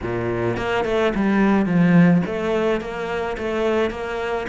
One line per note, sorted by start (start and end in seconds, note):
0.02 0.57 A#2
0.57 0.85 A#3
0.85 1.13 A3
1.14 1.65 G3
1.65 2.21 F3
2.26 2.80 A3
2.80 3.36 A#3
3.37 3.90 A3
3.90 4.46 A#3